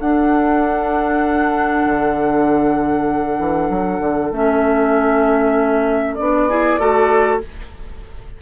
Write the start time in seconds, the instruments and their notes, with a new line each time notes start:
0.00 bassoon D4, clarinet D4, oboe A4, flute F#5
1.86 bassoon D3
3.40 bassoon E3
3.70 bassoon F#3
4.00 bassoon D3
4.32 bassoon A3, clarinet C#4, flute E5
6.15 bassoon B3, clarinet D4, flute D5
6.49 clarinet E4, oboe G#4
6.79 bassoon A3, clarinet F#4, oboe A4